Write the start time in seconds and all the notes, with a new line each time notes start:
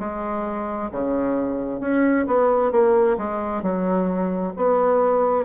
0.00 G#3
0.92 C#3
1.81 C#4
2.27 B3
2.72 A#3
3.18 G#3
3.63 F#3
4.57 B3